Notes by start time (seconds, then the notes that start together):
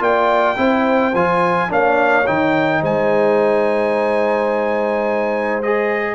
0.00 A#3 F4 D5 G5
0.57 C4 E4 C5
1.14 F3 F4 G#5
1.69 A#3 D4 C#5 F5
2.27 D#3 D#4 G5
2.81 G#3 C5 G#5
5.63 G#4 D#5